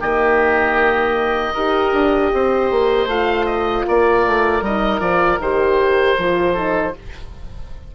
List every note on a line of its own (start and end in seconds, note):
0.00 1.55 D#3
0.00 1.56 A#3
0.00 1.53 G4
0.00 3.09 D#5
1.53 1.93 D#4
1.53 3.09 G4
1.53 2.30 A#4
1.93 2.31 D4
2.33 2.71 C4
2.33 3.87 C5
2.71 3.06 A#3
3.06 3.83 A3
3.06 4.63 F4
3.06 3.46 F5
3.46 3.84 D#5
3.87 4.26 A#3
3.87 6.53 A#4
3.87 4.64 D5
4.26 4.61 A3
4.61 5.00 G3
4.61 5.00 D#4
4.61 5.00 D#5
5.00 5.38 F3
5.00 5.38 F4
5.00 5.39 D5
5.38 6.15 D#3
5.38 6.19 G4
5.38 6.95 C5
6.18 6.95 F3
6.18 6.56 F4
6.53 6.94 D#4
6.53 6.92 A4